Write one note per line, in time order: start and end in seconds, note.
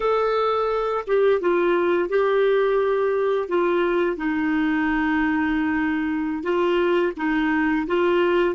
0.00 1.04 A4
1.07 1.40 G4
1.40 2.09 F4
2.09 3.48 G4
3.48 4.16 F4
4.16 6.43 D#4
6.43 7.13 F4
7.17 7.86 D#4
7.87 8.55 F4